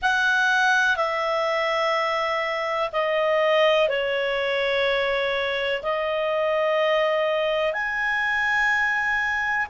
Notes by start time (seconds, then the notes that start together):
0.02 F#5
0.96 E5
2.92 D#5
3.88 C#5
5.82 D#5
7.73 G#5